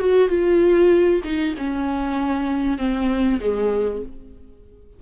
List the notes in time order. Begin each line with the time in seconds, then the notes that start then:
0.00 F#4
0.29 F4
1.24 D#4
1.58 C#4
2.78 C4
3.40 G#3